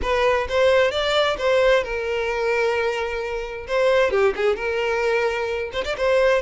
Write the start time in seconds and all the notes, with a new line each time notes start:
0.01 B4
0.48 C5
0.91 D5
1.38 C5
1.83 A#4
3.67 C5
4.11 G4
4.36 G#4
4.56 A#4
5.72 C5
5.84 D5
5.97 C5